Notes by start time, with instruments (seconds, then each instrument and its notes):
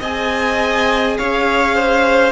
0.00 cello C4, viola G#4, violin D#5 G#5
1.18 cello C#4, violin C#5 F5
1.75 violin C5